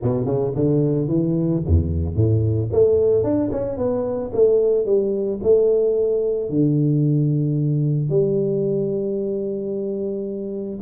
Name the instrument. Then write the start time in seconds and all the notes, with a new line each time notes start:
tuba
0.02 B2
0.25 C#3
0.55 D3
1.08 E3
1.66 E2
2.15 A2
2.72 A3
3.23 D4
3.51 C#4
3.77 B3
4.33 A3
4.85 G3
5.43 A3
6.49 D3
8.09 G3